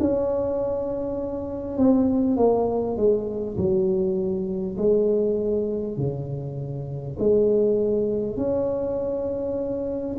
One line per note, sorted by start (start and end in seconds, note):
0.00 1.77 C#4
1.77 2.37 C4
2.37 2.97 A#3
2.97 3.57 G#3
3.57 4.77 F#3
4.77 5.97 G#3
5.97 7.17 C#3
7.19 8.37 G#3
8.37 10.17 C#4